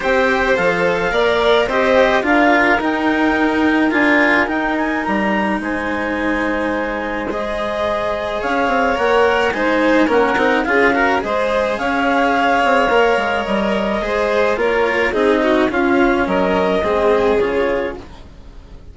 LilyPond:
<<
  \new Staff \with { instrumentName = "clarinet" } { \time 4/4 \tempo 4 = 107 g''4 f''2 dis''4 | f''4 g''2 gis''4 | g''8 gis''8 ais''4 gis''2~ | gis''4 dis''2 f''4 |
fis''4 gis''4 fis''4 f''4 | dis''4 f''2. | dis''2 cis''4 dis''4 | f''4 dis''2 cis''4 | }
  \new Staff \with { instrumentName = "violin" } { \time 4/4 c''2 d''4 c''4 | ais'1~ | ais'2 c''2~ | c''2. cis''4~ |
cis''4 c''4 ais'4 gis'8 ais'8 | c''4 cis''2.~ | cis''4 c''4 ais'4 gis'8 fis'8 | f'4 ais'4 gis'2 | }
  \new Staff \with { instrumentName = "cello" } { \time 4/4 g'4 a'4 ais'4 g'4 | f'4 dis'2 f'4 | dis'1~ | dis'4 gis'2. |
ais'4 dis'4 cis'8 dis'8 f'8 fis'8 | gis'2. ais'4~ | ais'4 gis'4 f'4 dis'4 | cis'2 c'4 f'4 | }
  \new Staff \with { instrumentName = "bassoon" } { \time 4/4 c'4 f4 ais4 c'4 | d'4 dis'2 d'4 | dis'4 g4 gis2~ | gis2. cis'8 c'8 |
ais4 gis4 ais8 c'8 cis'4 | gis4 cis'4. c'8 ais8 gis8 | g4 gis4 ais4 c'4 | cis'4 fis4 gis4 cis4 | }
>>